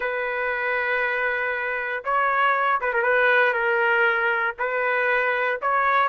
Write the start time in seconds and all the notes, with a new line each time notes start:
0.00 B4
2.04 C#5
2.80 B4
2.93 A#4
3.02 B4
3.53 A#4
4.58 B4
5.61 C#5